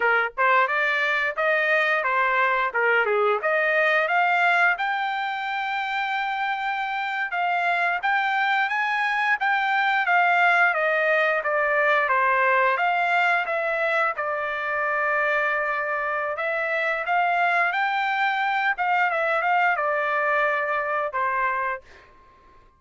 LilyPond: \new Staff \with { instrumentName = "trumpet" } { \time 4/4 \tempo 4 = 88 ais'8 c''8 d''4 dis''4 c''4 | ais'8 gis'8 dis''4 f''4 g''4~ | g''2~ g''8. f''4 g''16~ | g''8. gis''4 g''4 f''4 dis''16~ |
dis''8. d''4 c''4 f''4 e''16~ | e''8. d''2.~ d''16 | e''4 f''4 g''4. f''8 | e''8 f''8 d''2 c''4 | }